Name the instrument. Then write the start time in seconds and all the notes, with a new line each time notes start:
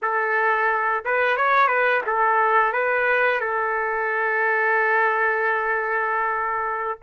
trumpet
0.02 A4
1.04 B4
1.36 C#5
1.67 B4
2.06 A4
2.72 B4
3.40 A4